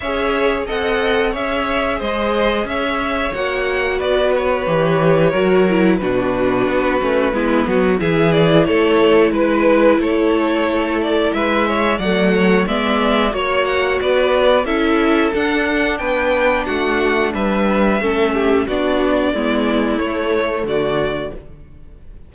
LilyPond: <<
  \new Staff \with { instrumentName = "violin" } { \time 4/4 \tempo 4 = 90 e''4 fis''4 e''4 dis''4 | e''4 fis''4 d''8 cis''4.~ | cis''4 b'2. | e''8 d''8 cis''4 b'4 cis''4~ |
cis''8 d''8 e''4 fis''4 e''4 | cis''8 fis''8 d''4 e''4 fis''4 | g''4 fis''4 e''2 | d''2 cis''4 d''4 | }
  \new Staff \with { instrumentName = "violin" } { \time 4/4 cis''4 dis''4 cis''4 c''4 | cis''2 b'2 | ais'4 fis'2 e'8 fis'8 | gis'4 a'4 b'4 a'4~ |
a'4 b'8 cis''8 d''8 cis''8 d''4 | cis''4 b'4 a'2 | b'4 fis'4 b'4 a'8 g'8 | fis'4 e'2 fis'4 | }
  \new Staff \with { instrumentName = "viola" } { \time 4/4 gis'4 a'4 gis'2~ | gis'4 fis'2 g'4 | fis'8 e'8 d'4. cis'8 b4 | e'1~ |
e'2 a4 b4 | fis'2 e'4 d'4~ | d'2. cis'4 | d'4 b4 a2 | }
  \new Staff \with { instrumentName = "cello" } { \time 4/4 cis'4 c'4 cis'4 gis4 | cis'4 ais4 b4 e4 | fis4 b,4 b8 a8 gis8 fis8 | e4 a4 gis4 a4~ |
a4 gis4 fis4 gis4 | ais4 b4 cis'4 d'4 | b4 a4 g4 a4 | b4 gis4 a4 d4 | }
>>